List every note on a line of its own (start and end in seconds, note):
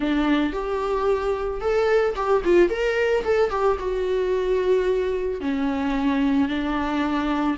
0.00 0.52 D4
0.52 1.60 G4
1.60 2.14 A4
2.15 2.42 G4
2.44 2.69 F4
2.69 3.23 A#4
3.24 3.50 A4
3.50 3.77 G4
3.79 5.40 F#4
5.40 6.48 C#4
6.48 7.56 D4